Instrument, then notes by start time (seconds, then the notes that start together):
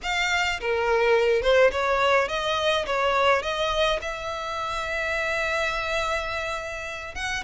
violin
0.02 F5
0.60 A#4
1.42 C5
1.71 C#5
2.28 D#5
2.86 C#5
3.42 D#5
4.01 E5
7.15 F#5